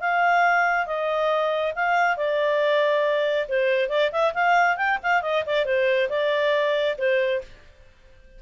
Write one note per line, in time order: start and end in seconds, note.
0.00 0.86 F5
0.86 1.73 D#5
1.75 2.17 F5
2.17 3.47 D5
3.48 3.89 C5
3.89 4.10 D5
4.12 4.33 E5
4.34 4.76 F5
4.76 4.98 G5
5.03 5.22 F5
5.22 5.44 D#5
5.46 5.65 D5
5.65 6.09 C5
6.09 6.96 D5
6.98 7.41 C5